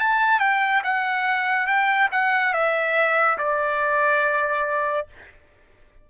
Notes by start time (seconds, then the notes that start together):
0.00 A5
0.40 G5
0.84 F#5
1.67 G5
2.12 F#5
2.54 E5
3.38 D5